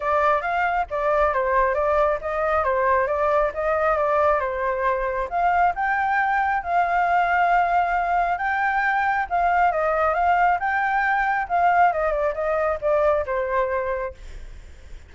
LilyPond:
\new Staff \with { instrumentName = "flute" } { \time 4/4 \tempo 4 = 136 d''4 f''4 d''4 c''4 | d''4 dis''4 c''4 d''4 | dis''4 d''4 c''2 | f''4 g''2 f''4~ |
f''2. g''4~ | g''4 f''4 dis''4 f''4 | g''2 f''4 dis''8 d''8 | dis''4 d''4 c''2 | }